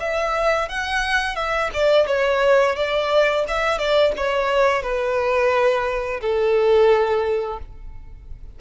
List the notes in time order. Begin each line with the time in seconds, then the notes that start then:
0.00 E5
0.69 F#5
1.35 E5
1.74 D5
2.07 C#5
2.76 D5
3.48 E5
3.78 D5
4.17 C#5
4.82 B4
6.21 A4